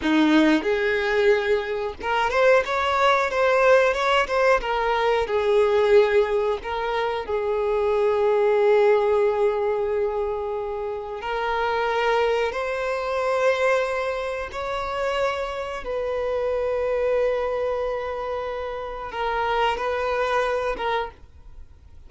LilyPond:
\new Staff \with { instrumentName = "violin" } { \time 4/4 \tempo 4 = 91 dis'4 gis'2 ais'8 c''8 | cis''4 c''4 cis''8 c''8 ais'4 | gis'2 ais'4 gis'4~ | gis'1~ |
gis'4 ais'2 c''4~ | c''2 cis''2 | b'1~ | b'4 ais'4 b'4. ais'8 | }